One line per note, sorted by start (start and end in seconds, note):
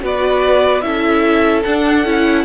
0.00 0.83 B3
0.00 0.81 F#4
0.00 0.85 B4
0.00 0.81 D5
0.81 1.64 C#4
0.81 1.63 E4
0.81 2.44 A4
0.81 1.62 E5
1.64 2.05 D4
1.64 2.44 F#5
2.05 2.44 C#4
2.05 2.44 E4